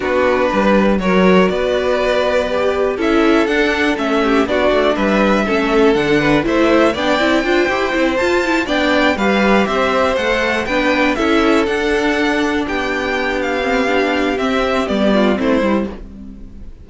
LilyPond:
<<
  \new Staff \with { instrumentName = "violin" } { \time 4/4 \tempo 4 = 121 b'2 cis''4 d''4~ | d''2 e''4 fis''4 | e''4 d''4 e''2 | fis''4 e''4 g''2~ |
g''8 a''4 g''4 f''4 e''8~ | e''8 fis''4 g''4 e''4 fis''8~ | fis''4. g''4. f''4~ | f''4 e''4 d''4 c''4 | }
  \new Staff \with { instrumentName = "violin" } { \time 4/4 fis'4 b'4 ais'4 b'4~ | b'2 a'2~ | a'8 g'8 fis'4 b'4 a'4~ | a'8 b'8 c''4 d''4 c''4~ |
c''4. d''4 b'4 c''8~ | c''4. b'4 a'4.~ | a'4. g'2~ g'8~ | g'2~ g'8 f'8 e'4 | }
  \new Staff \with { instrumentName = "viola" } { \time 4/4 d'2 fis'2~ | fis'4 g'4 e'4 d'4 | cis'4 d'2 cis'4 | d'4 e'4 d'8 e'8 f'8 g'8 |
e'8 f'8 e'8 d'4 g'4.~ | g'8 a'4 d'4 e'4 d'8~ | d'2.~ d'8 c'8 | d'4 c'4 b4 c'8 e'8 | }
  \new Staff \with { instrumentName = "cello" } { \time 4/4 b4 g4 fis4 b4~ | b2 cis'4 d'4 | a4 b8 a8 g4 a4 | d4 a4 b8 c'8 d'8 e'8 |
c'8 f'4 b4 g4 c'8~ | c'8 a4 b4 cis'4 d'8~ | d'4. b2~ b8~ | b4 c'4 g4 a8 g8 | }
>>